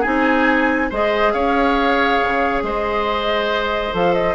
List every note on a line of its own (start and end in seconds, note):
0.00 0.91 C4
0.00 0.90 D#4
0.00 0.86 G#4
0.00 0.89 G#5
0.89 1.33 G#3
0.89 3.92 G#4
0.89 1.33 C5
0.89 1.32 D#5
1.32 2.19 C#4
1.32 2.63 C#5
1.32 2.61 F5
2.22 2.62 C#3
2.62 3.92 G#3
2.62 4.35 C5
2.62 3.94 D#5
3.92 4.35 F3
3.92 4.35 A4
3.92 4.13 F5
4.13 4.35 D#5